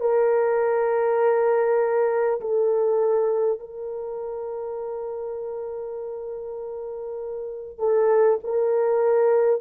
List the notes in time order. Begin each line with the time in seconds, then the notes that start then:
0.00 A#4
2.40 A4
3.59 A#4
7.78 A4
8.43 A#4